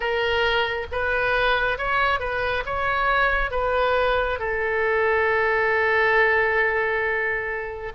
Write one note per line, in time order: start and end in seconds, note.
0.00 0.86 A#4
0.91 1.78 B4
1.78 2.19 C#5
2.19 2.63 B4
2.65 3.51 C#5
3.51 4.39 B4
4.39 7.92 A4